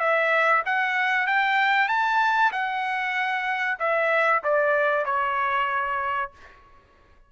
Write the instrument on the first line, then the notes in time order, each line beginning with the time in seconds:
trumpet
0.00 E5
0.66 F#5
1.27 G5
1.89 A5
2.52 F#5
3.80 E5
4.44 D5
5.06 C#5